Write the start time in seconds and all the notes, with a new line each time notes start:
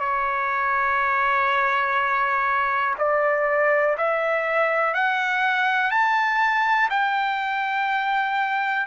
0.00 C#5
2.99 D5
3.98 E5
4.94 F#5
5.91 A5
6.90 G5